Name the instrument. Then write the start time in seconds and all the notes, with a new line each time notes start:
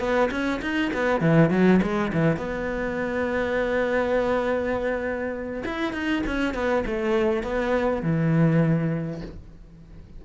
cello
0.00 B3
0.31 C#4
0.62 D#4
0.93 B3
1.20 E3
1.50 F#3
1.82 G#3
2.13 E3
2.37 B3
5.65 E4
5.93 D#4
6.27 C#4
6.54 B3
6.86 A3
7.43 B3
8.03 E3